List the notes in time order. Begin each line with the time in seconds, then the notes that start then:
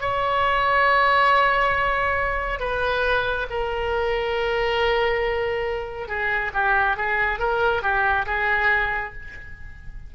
0.00 C#5
2.59 B4
3.50 A#4
6.08 G#4
6.53 G4
6.96 G#4
7.39 A#4
7.82 G4
8.26 G#4